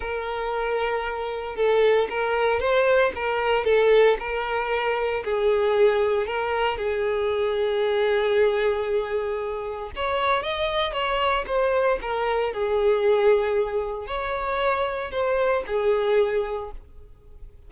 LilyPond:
\new Staff \with { instrumentName = "violin" } { \time 4/4 \tempo 4 = 115 ais'2. a'4 | ais'4 c''4 ais'4 a'4 | ais'2 gis'2 | ais'4 gis'2.~ |
gis'2. cis''4 | dis''4 cis''4 c''4 ais'4 | gis'2. cis''4~ | cis''4 c''4 gis'2 | }